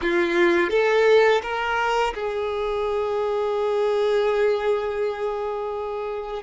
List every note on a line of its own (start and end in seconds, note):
0.01 0.69 F4
0.69 1.41 A4
1.42 2.13 A#4
2.14 6.43 G#4